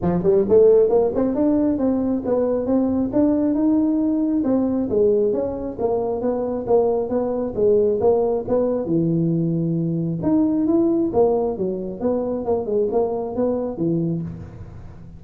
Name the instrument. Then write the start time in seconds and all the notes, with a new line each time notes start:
tuba
0.02 F3
0.23 G3
0.48 A3
0.89 A#3
1.15 C4
1.34 D4
1.78 C4
2.25 B3
2.66 C4
3.13 D4
3.54 D#4
4.44 C4
4.89 G#3
5.32 C#4
5.79 A#3
6.21 B3
6.66 A#3
7.09 B3
7.55 G#3
8.00 A#3
8.48 B3
8.85 E3
10.22 D#4
10.66 E4
11.13 A#3
11.57 F#3
12.00 B3
12.45 A#3
12.65 G#3
12.91 A#3
13.35 B3
13.77 E3